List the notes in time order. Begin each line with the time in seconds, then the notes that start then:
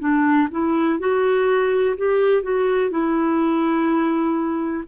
0.00 D4
0.51 E4
1.00 F#4
1.98 G4
2.43 F#4
2.91 E4